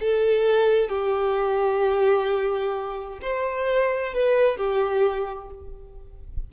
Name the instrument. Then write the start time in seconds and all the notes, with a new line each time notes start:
violin
0.00 A4
0.89 G4
3.22 C5
4.13 B4
4.57 G4